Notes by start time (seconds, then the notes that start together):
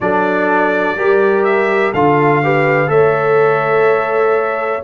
0.00 F#3 D4 A4 D5
0.96 G3 G4 A#4
1.44 E5
1.93 D3 F4 A4 F5
2.43 G4 B4
2.87 A3 A4 C#5 E5